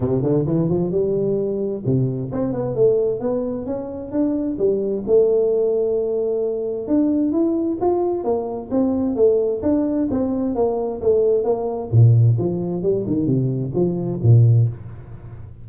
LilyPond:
\new Staff \with { instrumentName = "tuba" } { \time 4/4 \tempo 4 = 131 c8 d8 e8 f8 g2 | c4 c'8 b8 a4 b4 | cis'4 d'4 g4 a4~ | a2. d'4 |
e'4 f'4 ais4 c'4 | a4 d'4 c'4 ais4 | a4 ais4 ais,4 f4 | g8 dis8 c4 f4 ais,4 | }